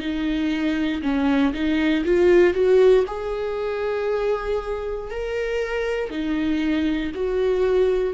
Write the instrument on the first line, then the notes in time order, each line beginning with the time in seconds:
viola
0.00 D#4
1.03 C#4
1.53 D#4
2.05 F4
2.54 F#4
3.07 G#4
5.11 A#4
6.10 D#4
7.15 F#4